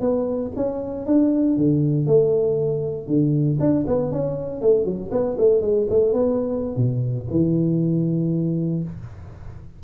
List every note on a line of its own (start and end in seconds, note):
0.00 0.51 B3
0.56 1.06 C#4
1.06 1.57 D4
1.57 2.07 D3
2.07 3.07 A3
3.07 3.58 D3
3.60 3.85 D4
3.87 4.12 B3
4.12 4.61 C#4
4.61 4.85 A3
4.85 5.10 F#3
5.11 5.37 B3
5.38 5.61 A3
5.61 5.87 G#3
5.90 6.13 A3
6.13 6.76 B3
6.76 7.27 B2
7.31 8.83 E3